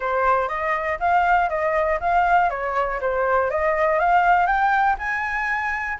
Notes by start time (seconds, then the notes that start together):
0.00 C5
0.48 D#5
0.99 F5
1.49 D#5
2.00 F5
2.50 C#5
3.00 C5
3.50 D#5
3.99 F5
4.46 G5
4.98 G#5